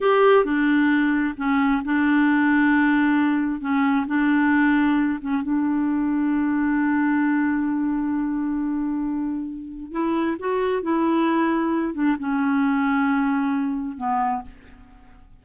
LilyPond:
\new Staff \with { instrumentName = "clarinet" } { \time 4/4 \tempo 4 = 133 g'4 d'2 cis'4 | d'1 | cis'4 d'2~ d'8 cis'8 | d'1~ |
d'1~ | d'2 e'4 fis'4 | e'2~ e'8 d'8 cis'4~ | cis'2. b4 | }